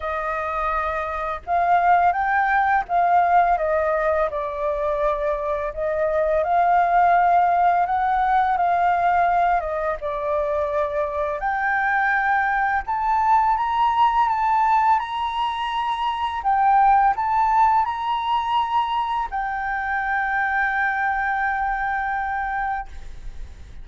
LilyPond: \new Staff \with { instrumentName = "flute" } { \time 4/4 \tempo 4 = 84 dis''2 f''4 g''4 | f''4 dis''4 d''2 | dis''4 f''2 fis''4 | f''4. dis''8 d''2 |
g''2 a''4 ais''4 | a''4 ais''2 g''4 | a''4 ais''2 g''4~ | g''1 | }